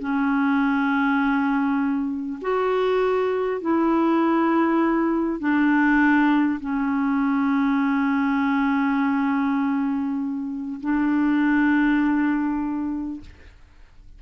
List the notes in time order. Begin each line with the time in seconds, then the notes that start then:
0.00 C#4
2.42 F#4
3.62 E4
5.40 D4
6.61 C#4
10.81 D4